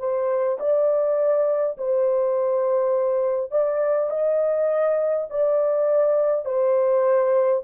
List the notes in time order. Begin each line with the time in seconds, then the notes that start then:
0.00 C5
0.60 D5
1.78 C5
3.51 D5
4.10 D#5
5.30 D5
6.45 C5